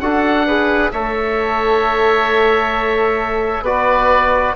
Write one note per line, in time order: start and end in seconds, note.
0.00 0.91 D4
0.00 0.47 F#4
0.00 0.46 A4
0.00 0.91 F#5
0.46 0.93 G#4
0.46 0.92 B4
0.91 3.62 A3
0.91 3.65 A4
0.91 3.64 C#5
0.91 3.64 E5
3.62 4.52 B3
3.62 4.55 F#4
3.62 4.55 B4
3.62 4.55 D5